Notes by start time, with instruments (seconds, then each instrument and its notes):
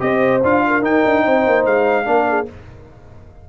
0.00 tuba C4, trombone G4, horn C5, trumpet D#5
0.43 tuba D4, trombone F4, trumpet F5
0.67 horn A#4
0.82 trombone D#4, tuba D#4, trumpet G5
1.05 tuba D4
1.24 tuba C4, horn C5
1.46 tuba A#3
1.66 tuba G#3, trumpet F5
2.05 tuba A#3, trombone D4
2.11 horn A#4
2.29 horn G#4